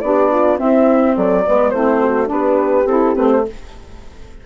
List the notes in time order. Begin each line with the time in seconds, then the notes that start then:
0.00 B3 D4 G4 D5
0.30 F4
0.57 C4 E4 E5
1.15 F#3 A4 D5
1.46 G#3 B3 B4
1.69 A3 C4 E4 C5
2.02 F#4
2.26 B3 D4 G4 B4
2.85 C4 E4 A4
3.15 A3 C4 B4
3.31 C5